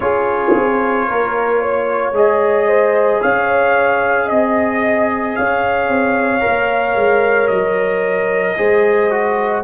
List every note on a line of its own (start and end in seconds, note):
0.00 0.52 C#4
0.00 2.13 F4
0.00 1.08 G#4
0.00 2.12 C#5
0.55 1.08 C4
1.08 2.12 A#3
1.08 1.61 A#4
1.61 2.67 C#5
2.12 3.19 G#3
2.12 6.40 G#4
2.12 3.22 D#5
2.67 3.20 C5
3.21 4.30 C#4
3.21 4.25 C#5
3.21 4.29 F5
4.25 5.37 C4
4.25 5.33 D#5
4.25 5.36 D#5
5.36 5.88 C#4
5.36 8.57 C#5
5.36 7.47 F5
5.88 6.42 C4
6.40 8.54 A#4
6.47 6.95 A#3
6.95 7.48 G#3
7.47 8.56 F#3
7.47 9.62 D#5
8.57 9.63 G#3
8.57 9.10 G#4
8.57 9.63 C5
9.10 9.63 F#4